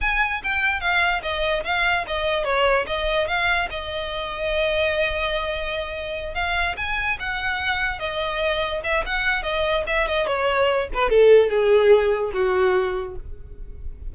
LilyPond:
\new Staff \with { instrumentName = "violin" } { \time 4/4 \tempo 4 = 146 gis''4 g''4 f''4 dis''4 | f''4 dis''4 cis''4 dis''4 | f''4 dis''2.~ | dis''2.~ dis''8 f''8~ |
f''8 gis''4 fis''2 dis''8~ | dis''4. e''8 fis''4 dis''4 | e''8 dis''8 cis''4. b'8 a'4 | gis'2 fis'2 | }